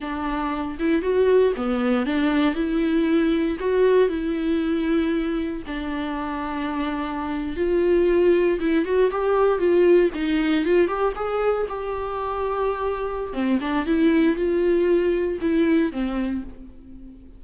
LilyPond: \new Staff \with { instrumentName = "viola" } { \time 4/4 \tempo 4 = 117 d'4. e'8 fis'4 b4 | d'4 e'2 fis'4 | e'2. d'4~ | d'2~ d'8. f'4~ f'16~ |
f'8. e'8 fis'8 g'4 f'4 dis'16~ | dis'8. f'8 g'8 gis'4 g'4~ g'16~ | g'2 c'8 d'8 e'4 | f'2 e'4 c'4 | }